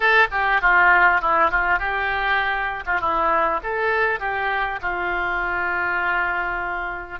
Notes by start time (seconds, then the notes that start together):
0.00 A4
0.31 G4
0.61 F4
1.21 E4
1.50 F4
1.79 G4
2.86 F4
3.00 E4
3.63 A4
4.19 G4
4.81 F4